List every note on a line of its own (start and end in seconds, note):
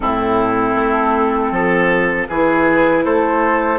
0.00 0.75 A2
0.00 2.28 C4
0.00 1.51 E4
0.00 2.26 A4
0.75 1.51 A3
1.51 2.27 F3
1.51 2.27 A4
2.28 3.04 E3
2.28 3.79 E4
2.28 3.04 G#4
2.28 3.04 B4
3.04 3.79 A3
3.04 3.79 A4
3.04 3.79 C5